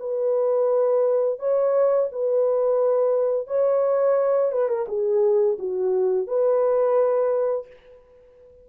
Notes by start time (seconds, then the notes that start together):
0.00 B4
1.40 C#5
2.12 B4
3.48 C#5
4.52 B4
4.69 A#4
4.88 G#4
5.59 F#4
6.28 B4